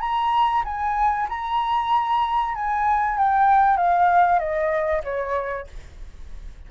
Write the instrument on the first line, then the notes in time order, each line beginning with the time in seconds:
flute
0.00 A#5
0.65 G#5
1.29 A#5
2.55 G#5
3.18 G5
3.77 F5
4.39 D#5
5.04 C#5